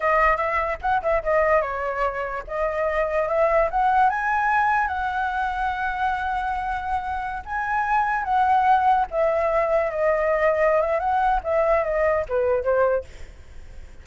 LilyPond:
\new Staff \with { instrumentName = "flute" } { \time 4/4 \tempo 4 = 147 dis''4 e''4 fis''8 e''8 dis''4 | cis''2 dis''2 | e''4 fis''4 gis''2 | fis''1~ |
fis''2~ fis''16 gis''4.~ gis''16~ | gis''16 fis''2 e''4.~ e''16~ | e''16 dis''2~ dis''16 e''8 fis''4 | e''4 dis''4 b'4 c''4 | }